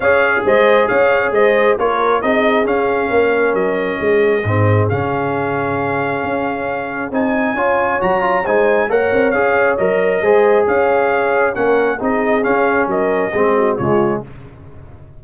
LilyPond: <<
  \new Staff \with { instrumentName = "trumpet" } { \time 4/4 \tempo 4 = 135 f''4 dis''4 f''4 dis''4 | cis''4 dis''4 f''2 | dis''2. f''4~ | f''1 |
gis''2 ais''4 gis''4 | fis''4 f''4 dis''2 | f''2 fis''4 dis''4 | f''4 dis''2 cis''4 | }
  \new Staff \with { instrumentName = "horn" } { \time 4/4 cis''4 c''4 cis''4 c''4 | ais'4 gis'2 ais'4~ | ais'4 gis'2.~ | gis'1~ |
gis'4 cis''2 c''4 | cis''2. c''4 | cis''2 ais'4 gis'4~ | gis'4 ais'4 gis'8 fis'8 f'4 | }
  \new Staff \with { instrumentName = "trombone" } { \time 4/4 gis'1 | f'4 dis'4 cis'2~ | cis'2 c'4 cis'4~ | cis'1 |
dis'4 f'4 fis'8 f'8 dis'4 | ais'4 gis'4 ais'4 gis'4~ | gis'2 cis'4 dis'4 | cis'2 c'4 gis4 | }
  \new Staff \with { instrumentName = "tuba" } { \time 4/4 cis'4 gis4 cis'4 gis4 | ais4 c'4 cis'4 ais4 | fis4 gis4 gis,4 cis4~ | cis2 cis'2 |
c'4 cis'4 fis4 gis4 | ais8 c'8 cis'4 fis4 gis4 | cis'2 ais4 c'4 | cis'4 fis4 gis4 cis4 | }
>>